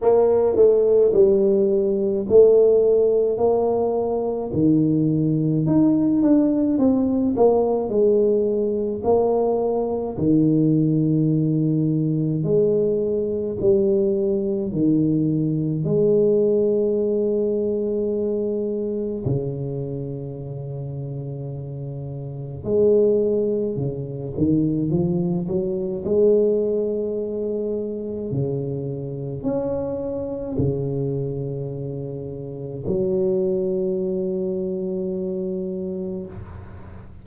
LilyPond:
\new Staff \with { instrumentName = "tuba" } { \time 4/4 \tempo 4 = 53 ais8 a8 g4 a4 ais4 | dis4 dis'8 d'8 c'8 ais8 gis4 | ais4 dis2 gis4 | g4 dis4 gis2~ |
gis4 cis2. | gis4 cis8 dis8 f8 fis8 gis4~ | gis4 cis4 cis'4 cis4~ | cis4 fis2. | }